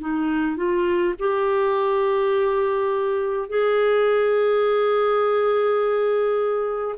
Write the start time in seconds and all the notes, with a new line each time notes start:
0.00 D#4
0.56 F4
1.19 G4
3.49 G#4